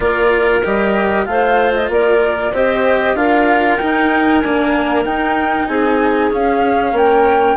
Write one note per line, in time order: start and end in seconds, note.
0.00 0.63 A#3
0.00 0.62 F4
0.00 1.27 A#4
0.00 0.60 D5
0.63 1.26 G3
0.63 1.25 G4
0.63 1.25 D#5
1.25 1.88 A3
1.25 2.51 F4
1.25 1.91 C5
1.25 1.72 F5
1.74 1.89 D#5
1.88 2.51 A#3
1.88 2.52 A#4
1.88 2.54 D5
2.52 3.14 C4
2.52 3.16 G4
2.52 3.15 C5
2.52 3.16 D#5
3.14 3.77 D4
3.14 3.79 F4
3.14 5.69 A#4
3.14 3.77 F5
3.77 4.43 D#4
3.77 4.39 G5
3.83 4.43 D#4
4.39 5.05 A#3
4.39 5.04 D4
4.39 5.02 G#5
5.04 5.67 D#4
5.04 6.30 D#4
5.04 5.67 G5
5.67 6.31 C4
5.67 6.94 G#4
5.67 6.30 G#5
6.30 7.57 C#4
6.30 6.92 C#4
6.30 6.97 F5
6.92 7.55 A#3
6.92 7.57 A#4
6.92 7.57 G5